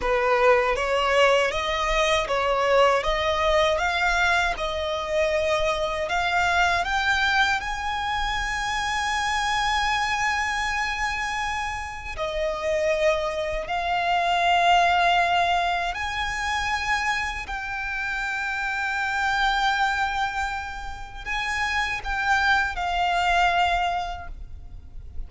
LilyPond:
\new Staff \with { instrumentName = "violin" } { \time 4/4 \tempo 4 = 79 b'4 cis''4 dis''4 cis''4 | dis''4 f''4 dis''2 | f''4 g''4 gis''2~ | gis''1 |
dis''2 f''2~ | f''4 gis''2 g''4~ | g''1 | gis''4 g''4 f''2 | }